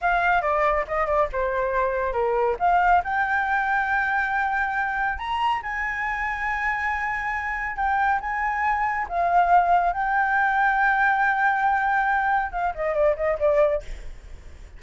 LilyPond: \new Staff \with { instrumentName = "flute" } { \time 4/4 \tempo 4 = 139 f''4 d''4 dis''8 d''8 c''4~ | c''4 ais'4 f''4 g''4~ | g''1 | ais''4 gis''2.~ |
gis''2 g''4 gis''4~ | gis''4 f''2 g''4~ | g''1~ | g''4 f''8 dis''8 d''8 dis''8 d''4 | }